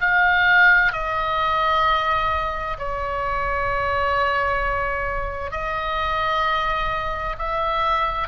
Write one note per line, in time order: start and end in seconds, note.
0.00 0.92 F5
0.92 2.77 D#5
2.78 5.51 C#5
5.51 7.36 D#5
7.38 8.27 E5